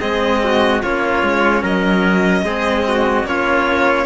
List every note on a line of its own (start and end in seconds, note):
0.00 0.83 G#3
0.00 0.82 C4
0.00 0.41 G#4
0.00 0.81 D#5
0.43 0.83 F#4
0.83 1.22 A#3
0.83 2.46 C#4
0.83 1.62 F4
0.83 1.64 C#5
1.22 1.63 G#3
1.62 2.42 F#3
1.62 2.43 A#4
1.62 3.26 D#5
2.42 3.23 G#3
2.42 3.25 C4
2.42 2.85 G#4
2.88 3.28 F#4
3.24 4.05 A#3
3.24 4.06 C#4
3.24 4.06 F4
3.24 4.06 C#5